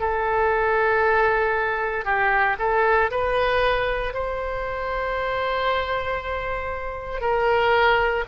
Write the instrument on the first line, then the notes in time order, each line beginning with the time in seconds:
oboe
0.00 A4
2.05 G4
2.59 A4
3.11 B4
4.13 C5
7.21 A#4